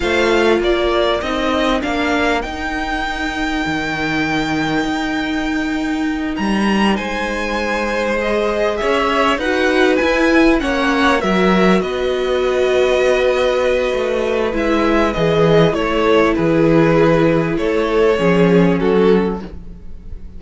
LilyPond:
<<
  \new Staff \with { instrumentName = "violin" } { \time 4/4 \tempo 4 = 99 f''4 d''4 dis''4 f''4 | g''1~ | g''2~ g''8 ais''4 gis''8~ | gis''4. dis''4 e''4 fis''8~ |
fis''8 gis''4 fis''4 e''4 dis''8~ | dis''1 | e''4 dis''4 cis''4 b'4~ | b'4 cis''2 a'4 | }
  \new Staff \with { instrumentName = "violin" } { \time 4/4 c''4 ais'2.~ | ais'1~ | ais'2.~ ais'8 c''8~ | c''2~ c''8 cis''4 b'8~ |
b'4. cis''4 ais'4 b'8~ | b'1~ | b'2 a'4 gis'4~ | gis'4 a'4 gis'4 fis'4 | }
  \new Staff \with { instrumentName = "viola" } { \time 4/4 f'2 dis'4 d'4 | dis'1~ | dis'1~ | dis'4. gis'2 fis'8~ |
fis'8 e'4 cis'4 fis'4.~ | fis'1 | e'4 gis'4 e'2~ | e'2 cis'2 | }
  \new Staff \with { instrumentName = "cello" } { \time 4/4 a4 ais4 c'4 ais4 | dis'2 dis2 | dis'2~ dis'8 g4 gis8~ | gis2~ gis8 cis'4 dis'8~ |
dis'8 e'4 ais4 fis4 b8~ | b2. a4 | gis4 e4 a4 e4~ | e4 a4 f4 fis4 | }
>>